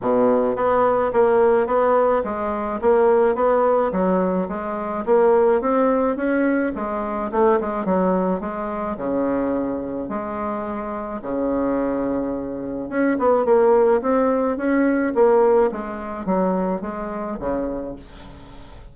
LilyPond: \new Staff \with { instrumentName = "bassoon" } { \time 4/4 \tempo 4 = 107 b,4 b4 ais4 b4 | gis4 ais4 b4 fis4 | gis4 ais4 c'4 cis'4 | gis4 a8 gis8 fis4 gis4 |
cis2 gis2 | cis2. cis'8 b8 | ais4 c'4 cis'4 ais4 | gis4 fis4 gis4 cis4 | }